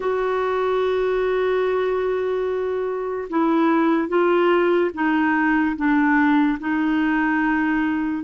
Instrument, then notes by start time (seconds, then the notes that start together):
clarinet
0.00 F#4
3.29 E4
4.08 F4
4.94 D#4
5.76 D4
6.59 D#4